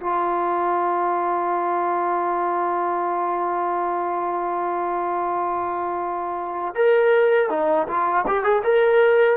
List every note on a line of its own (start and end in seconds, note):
0.00 6.75 F4
6.75 7.50 A#4
7.50 7.87 D#4
7.88 8.25 F4
8.27 8.43 G4
8.43 8.62 G#4
8.64 9.36 A#4